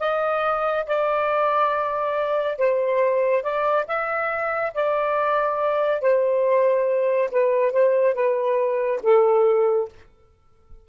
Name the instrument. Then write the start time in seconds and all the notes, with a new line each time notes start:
saxophone
0.00 D#5
0.87 D5
2.58 C5
3.43 D5
3.88 E5
4.74 D5
6.02 C5
7.31 B4
7.72 C5
8.15 B4
9.03 A4